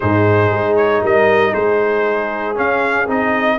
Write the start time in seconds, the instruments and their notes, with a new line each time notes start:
0.00 tuba G#2, trombone D#4, horn G#4, trumpet C5
0.51 tuba G#3
0.75 trumpet C#5
1.02 tuba G3, horn A#4, trumpet D#5
1.51 tuba G#3, horn G#4, trumpet C5
2.55 trombone C#4, tuba C#4, trumpet F5
3.07 tuba C4, trombone D#4, trumpet D#5